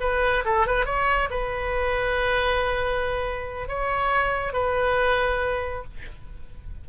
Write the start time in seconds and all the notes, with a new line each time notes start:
0.00 B4
0.44 A4
0.66 B4
0.85 C#5
1.30 B4
3.68 C#5
4.53 B4